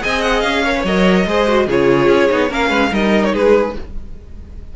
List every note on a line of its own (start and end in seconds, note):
0.00 0.44 C4
0.00 0.62 G#4
0.00 0.64 D#5
0.00 0.22 G#5
0.22 0.40 F#5
0.40 0.84 C#4
0.40 0.82 F5
0.64 0.75 A#4
0.64 1.26 C#5
0.75 0.85 B4
0.84 1.25 F#3
0.84 1.28 A#4
0.84 1.68 D#5
1.26 1.67 G#3
1.26 1.47 G#4
1.26 1.66 C5
1.47 1.68 F#4
1.66 2.08 C#3
1.66 2.29 F4
1.66 2.49 G#4
1.66 2.53 C#5
2.08 2.28 C#4
2.29 2.50 B3
2.29 2.49 D#4
2.49 2.70 A#3
2.49 2.90 C#4
2.49 2.69 A#4
2.49 2.94 F5
2.69 2.90 G#3
2.69 2.89 B4
2.91 3.33 G3
2.91 3.74 D#4
2.91 3.33 A#4
2.91 3.24 D#5
3.24 3.34 C#5
3.33 3.76 G#3
3.33 3.74 G#4
3.33 3.76 B4